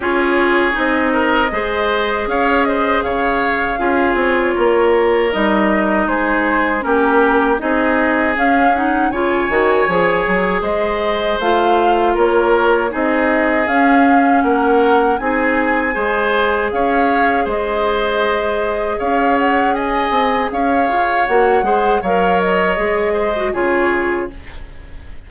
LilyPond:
<<
  \new Staff \with { instrumentName = "flute" } { \time 4/4 \tempo 4 = 79 cis''4 dis''2 f''8 dis''8 | f''4. cis''4. dis''4 | c''4 ais'4 dis''4 f''8 fis''8 | gis''2 dis''4 f''4 |
cis''4 dis''4 f''4 fis''4 | gis''2 f''4 dis''4~ | dis''4 f''8 fis''8 gis''4 f''4 | fis''4 f''8 dis''4. cis''4 | }
  \new Staff \with { instrumentName = "oboe" } { \time 4/4 gis'4. ais'8 c''4 cis''8 c''8 | cis''4 gis'4 ais'2 | gis'4 g'4 gis'2 | cis''2 c''2 |
ais'4 gis'2 ais'4 | gis'4 c''4 cis''4 c''4~ | c''4 cis''4 dis''4 cis''4~ | cis''8 c''8 cis''4. c''8 gis'4 | }
  \new Staff \with { instrumentName = "clarinet" } { \time 4/4 f'4 dis'4 gis'2~ | gis'4 f'2 dis'4~ | dis'4 cis'4 dis'4 cis'8 dis'8 | f'8 fis'8 gis'2 f'4~ |
f'4 dis'4 cis'2 | dis'4 gis'2.~ | gis'1 | fis'8 gis'8 ais'4 gis'8. fis'16 f'4 | }
  \new Staff \with { instrumentName = "bassoon" } { \time 4/4 cis'4 c'4 gis4 cis'4 | cis4 cis'8 c'8 ais4 g4 | gis4 ais4 c'4 cis'4 | cis8 dis8 f8 fis8 gis4 a4 |
ais4 c'4 cis'4 ais4 | c'4 gis4 cis'4 gis4~ | gis4 cis'4. c'8 cis'8 f'8 | ais8 gis8 fis4 gis4 cis4 | }
>>